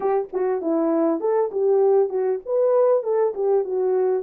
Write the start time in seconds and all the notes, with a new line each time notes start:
0.00 G4
0.33 F#4
0.61 E4
1.20 A4
1.51 G4
2.09 F#4
2.45 B4
3.03 A4
3.34 G4
3.64 F#4